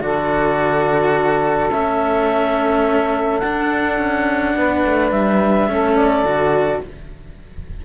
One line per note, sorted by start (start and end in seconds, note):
0.00 1.70 D3
0.00 1.70 F#4
0.00 4.56 A4
0.00 1.71 D5
1.71 3.42 A3
1.71 3.41 C#4
1.71 3.39 E5
3.39 3.98 D4
3.39 5.69 D4
3.39 5.09 F#5
3.98 4.54 C#4
4.55 4.84 B3
4.55 5.71 B4
4.85 5.12 A3
5.11 5.68 G3
5.11 5.96 E5
5.68 6.23 A3
5.68 6.25 C#4
5.68 6.85 A4
5.96 6.80 D5
6.23 6.80 D3
6.23 6.81 F#4